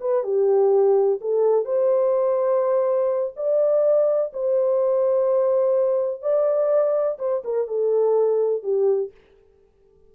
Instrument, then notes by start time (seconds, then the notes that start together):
horn
0.00 B4
0.23 G4
1.21 A4
1.65 C5
3.36 D5
4.33 C5
6.22 D5
7.18 C5
7.44 A#4
7.68 A4
8.63 G4